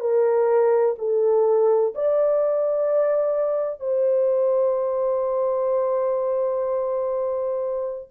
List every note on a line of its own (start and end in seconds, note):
0.00 0.95 A#4
0.98 1.94 A4
1.95 3.81 D5
3.81 8.09 C5